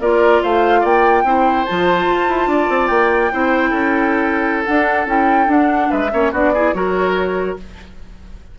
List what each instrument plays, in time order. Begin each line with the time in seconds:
0.00 bassoon A#3, clarinet F4, oboe A#4, flute D5
0.43 bassoon A3, oboe C5, flute F5
0.80 bassoon A#3, oboe D5, flute G5
1.23 bassoon C4, clarinet E4, oboe C5
1.65 bassoon F3, clarinet F4, flute A5
2.06 bassoon F4
2.28 bassoon E4
2.46 bassoon D4, oboe D5
2.69 bassoon C4
2.87 bassoon A#3, flute G5
3.32 bassoon C4, clarinet E4, oboe C5
3.70 bassoon C#4, oboe A4
4.64 clarinet D4, bassoon D4, flute F#5
5.06 bassoon C#4, clarinet E4, flute G5
5.46 clarinet D4, bassoon D4, flute F#5
5.90 bassoon G#3, oboe B4, flute E5
6.11 bassoon A#3, clarinet C#4, oboe C#5
6.32 bassoon B3, clarinet D4, oboe F#4, flute D5
6.53 clarinet E4, oboe G#4
6.74 bassoon F#3, clarinet F#4, oboe A#4, flute C#5